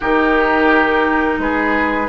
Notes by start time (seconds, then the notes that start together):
0.00 D#3 D#4 G4 A#4
1.38 G#3 G#4 B4